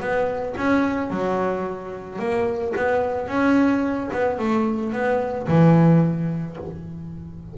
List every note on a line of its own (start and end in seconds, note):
0.00 0.55 B3
0.57 1.10 C#4
1.10 2.19 F#3
2.19 2.73 A#3
2.76 3.28 B3
3.28 4.10 C#4
4.13 4.39 B3
4.39 4.92 A3
4.92 5.47 B3
5.48 6.57 E3